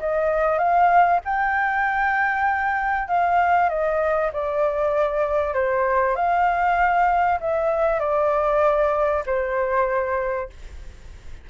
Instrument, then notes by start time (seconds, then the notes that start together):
flute
0.00 D#5
0.58 F5
1.25 G5
3.08 F5
3.69 D#5
4.33 D5
5.54 C5
6.16 F5
7.41 E5
8.00 D5
9.26 C5